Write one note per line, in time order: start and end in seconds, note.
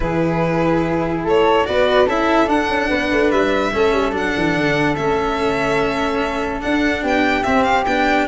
0.00 1.24 E3
0.00 1.63 E4
0.00 1.24 G#4
0.00 1.23 B4
1.24 1.65 A3
1.24 1.66 A4
1.24 1.66 C#5
1.65 2.07 B3
1.65 2.06 F#4
1.65 2.05 B4
1.65 2.07 D5
2.05 2.48 C#4
2.05 2.46 E4
2.05 2.88 A4
2.05 2.49 E5
2.46 3.70 D4
2.46 2.68 D4
2.46 3.30 F#5
2.68 2.89 C#4
2.88 3.11 B3
2.88 3.71 B4
3.11 3.31 A3
3.30 3.72 G3
3.30 4.13 E5
3.73 3.92 A3
3.73 4.12 C#4
3.73 7.02 A4
3.92 4.12 G3
4.12 4.33 F#3
4.12 4.94 D4
4.12 4.95 F#5
4.36 4.56 E3
4.56 4.97 D3
4.95 6.63 A3
4.95 6.61 C#4
4.95 6.61 E5
6.61 7.43 D4
6.61 7.03 D4
6.61 7.03 F#5
7.02 7.44 B3
7.02 8.26 G4
7.02 7.43 G5
7.43 7.86 C4
7.43 7.63 E5
7.63 7.84 F5
7.86 8.27 B3
7.86 8.27 D4
7.86 8.27 G5